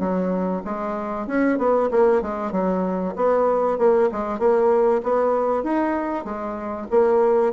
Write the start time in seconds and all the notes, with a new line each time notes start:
0.00 F#3
0.65 G#3
1.27 C#4
1.58 B3
1.91 A#3
2.22 G#3
2.52 F#3
3.16 B3
3.78 A#3
4.12 G#3
4.39 A#3
5.03 B3
5.63 D#4
6.25 G#3
6.91 A#3